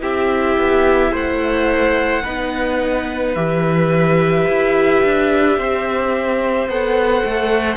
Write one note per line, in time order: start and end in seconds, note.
0.00 0.57 C4
0.00 2.22 E4
0.00 1.11 G4
0.00 1.13 E5
0.57 1.12 B3
1.11 2.23 A3
1.11 2.22 C5
1.11 3.34 F#5
2.23 3.35 B3
2.23 3.35 D#4
2.23 5.56 B4
3.34 4.47 E3
3.34 6.69 G4
3.34 6.68 E5
4.47 5.03 E4
5.04 5.57 D4
5.57 6.68 C4
5.57 7.76 C5
6.68 7.23 B3
6.68 7.76 A4
6.68 7.76 F#5
7.24 7.76 A3